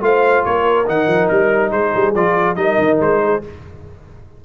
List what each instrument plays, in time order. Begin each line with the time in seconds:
0.00 tuba A3, trombone F4, horn C5, trumpet F5
0.45 tuba A#3, horn A#4, trumpet C#5
0.87 tuba D#3, trombone D#4, trumpet F#5
1.07 tuba F3
1.28 tuba G3, trumpet A#4
1.71 tuba G#3, horn G#4, trumpet C5
1.95 tuba G3
2.15 tuba F3, trombone F4, trumpet D5
2.55 tuba G3, trombone D#4, horn A#4, trumpet D#5
2.79 tuba D#3
3.00 tuba G#3, trumpet C5
3.23 horn G#4